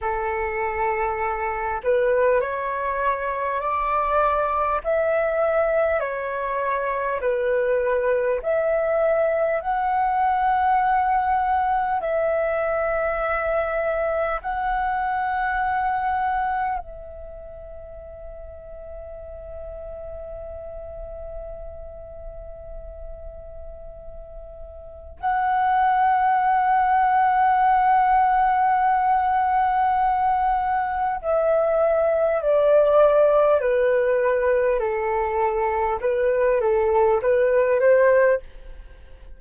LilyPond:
\new Staff \with { instrumentName = "flute" } { \time 4/4 \tempo 4 = 50 a'4. b'8 cis''4 d''4 | e''4 cis''4 b'4 e''4 | fis''2 e''2 | fis''2 e''2~ |
e''1~ | e''4 fis''2.~ | fis''2 e''4 d''4 | b'4 a'4 b'8 a'8 b'8 c''8 | }